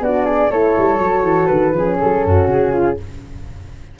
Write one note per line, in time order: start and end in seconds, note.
0.00 0.50 B3
0.00 0.50 D4
0.00 0.25 F#4
0.00 0.51 D5
0.25 0.50 G#4
0.50 0.75 A3
0.50 1.00 E4
0.50 1.74 A4
0.50 1.47 C#5
0.78 0.99 G3
0.99 1.23 F#3
0.99 1.75 F#4
1.23 1.48 E3
1.47 1.72 D#3
1.47 1.96 B4
1.72 1.96 F3
1.72 2.99 C#4
1.72 2.25 G#4
2.00 2.25 F#3
2.00 2.49 A4
2.25 2.48 F#2
2.25 2.72 F#4
2.48 2.97 C#3
2.48 2.99 G#4
2.72 2.97 F4